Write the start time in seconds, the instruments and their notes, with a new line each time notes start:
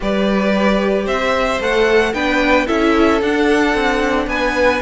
0.00 cello G3, viola G4, violin B4 D5
1.05 cello C4, violin C5 E5
1.60 cello A3, viola A4, violin F#5
2.13 cello B3, viola D4, violin B4 G5
2.66 cello C#4, viola E4, violin A4 E5
3.21 cello D4, viola D4, violin F#5
3.74 cello C4
4.26 cello B3, violin B4 G#5